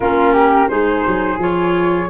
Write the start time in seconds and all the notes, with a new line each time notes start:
0.00 A#3 C#4 F4 A#4
0.33 G4
0.68 G#3 D#4 G#4 C5
1.07 F#3
1.38 F3 F4 C#5